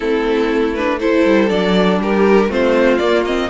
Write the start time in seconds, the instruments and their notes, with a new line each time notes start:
0.00 cello A3, viola C4, violin E4 A4
0.74 viola D4, violin B4
0.99 viola E4, violin A4 C5
1.25 cello G3
1.49 cello F#3, viola D4, violin D5
1.99 cello G3, violin G4 A#4
2.48 cello A3, viola C4, violin F4 C5
2.98 viola A#3, cello A#3, violin D5
3.25 viola C4, violin D#5